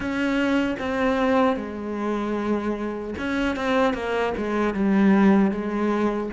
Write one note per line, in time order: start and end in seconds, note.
0.00 0.75 C#4
0.79 1.56 C4
1.56 3.14 G#3
3.18 3.56 C#4
3.56 3.93 C4
3.93 4.33 A#3
4.37 4.74 G#3
4.74 5.51 G3
5.51 6.30 G#3